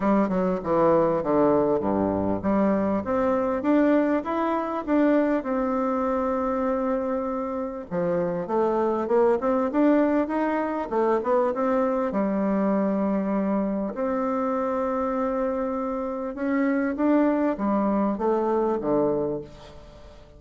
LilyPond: \new Staff \with { instrumentName = "bassoon" } { \time 4/4 \tempo 4 = 99 g8 fis8 e4 d4 g,4 | g4 c'4 d'4 e'4 | d'4 c'2.~ | c'4 f4 a4 ais8 c'8 |
d'4 dis'4 a8 b8 c'4 | g2. c'4~ | c'2. cis'4 | d'4 g4 a4 d4 | }